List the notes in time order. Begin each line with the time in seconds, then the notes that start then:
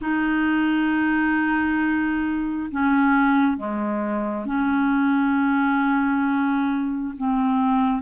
0.01 D#4
2.71 C#4
3.57 G#3
4.45 C#4
7.17 C4